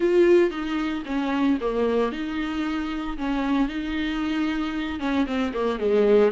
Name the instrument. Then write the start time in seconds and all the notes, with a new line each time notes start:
viola
0.00 F4
0.50 D#4
1.05 C#4
1.61 A#3
2.11 D#4
3.17 C#4
3.68 D#4
4.99 C#4
5.26 C4
5.53 A#3
5.79 G#3